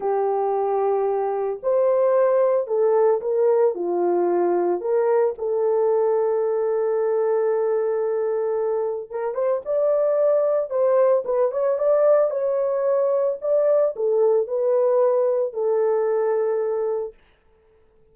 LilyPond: \new Staff \with { instrumentName = "horn" } { \time 4/4 \tempo 4 = 112 g'2. c''4~ | c''4 a'4 ais'4 f'4~ | f'4 ais'4 a'2~ | a'1~ |
a'4 ais'8 c''8 d''2 | c''4 b'8 cis''8 d''4 cis''4~ | cis''4 d''4 a'4 b'4~ | b'4 a'2. | }